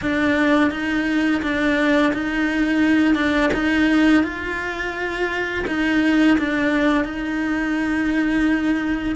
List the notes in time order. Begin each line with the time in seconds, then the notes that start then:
0.01 D4
0.71 D#4
1.42 D4
2.13 D#4
3.14 D4
3.53 D#4
4.24 F4
5.67 D#4
6.38 D4
7.04 D#4